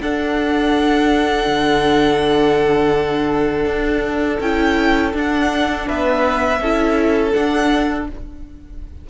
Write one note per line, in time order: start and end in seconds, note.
0.00 1.46 D4
0.00 4.41 D4
0.00 5.87 A4
0.00 4.40 F#5
1.47 3.66 D3
3.66 4.39 D4
4.40 5.13 C#4
4.40 5.14 E4
4.40 5.13 G5
5.14 6.60 D4
5.14 5.87 D4
5.14 5.88 F#5
5.87 6.60 B3
5.87 6.60 B4
5.87 7.31 E5
6.60 7.33 C#4
6.60 7.32 E4
6.60 8.07 A4
7.31 8.06 D4
7.31 8.10 D4
7.31 8.05 F#5